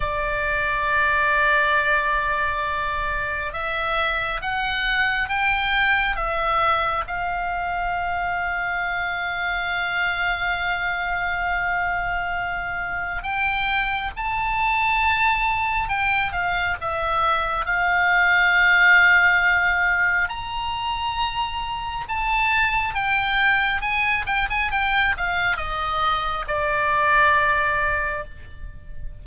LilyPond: \new Staff \with { instrumentName = "oboe" } { \time 4/4 \tempo 4 = 68 d''1 | e''4 fis''4 g''4 e''4 | f''1~ | f''2. g''4 |
a''2 g''8 f''8 e''4 | f''2. ais''4~ | ais''4 a''4 g''4 gis''8 g''16 gis''16 | g''8 f''8 dis''4 d''2 | }